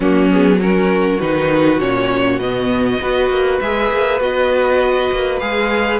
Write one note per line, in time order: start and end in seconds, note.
0.00 1.18 F#3
0.00 0.30 A#3
0.00 0.57 C#4
0.00 0.30 F#4
0.30 0.60 B3
0.30 0.62 G#4
0.60 1.20 C#4
0.60 3.01 F#4
0.60 1.20 A#4
1.20 1.79 D#3
1.20 1.80 D#4
1.20 1.79 B4
1.79 2.39 A#2
1.79 2.40 C#4
1.79 2.39 C#5
2.39 2.99 B2
2.39 3.01 B3
2.39 3.59 D#5
3.01 3.29 B3
3.01 3.61 F#4
3.01 5.99 B4
3.29 3.59 A#3
3.60 3.90 G#3
3.60 4.20 G#4
3.60 4.20 E5
3.90 4.20 A#3
4.20 5.10 B3
4.20 5.40 F#4
4.20 5.39 D#5
5.11 5.41 A#3
5.39 5.99 G#3
5.39 5.99 G#4
5.39 5.99 F5